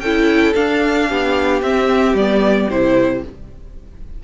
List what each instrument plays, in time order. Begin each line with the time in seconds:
0.00 cello C#4, viola E4, violin A4 G5
0.54 viola D4, cello D4, violin F5
1.08 cello B3, violin G4
1.62 cello C4, viola C4, violin E5
2.14 cello G3, viola B3, violin D5
2.70 cello C3, viola E4, violin C5